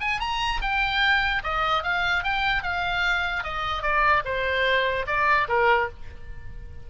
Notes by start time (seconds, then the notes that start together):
0.00 G#5
0.20 A#5
0.61 G5
1.43 D#5
1.83 F5
2.24 G5
2.62 F5
3.43 D#5
3.82 D5
4.25 C5
5.07 D5
5.48 A#4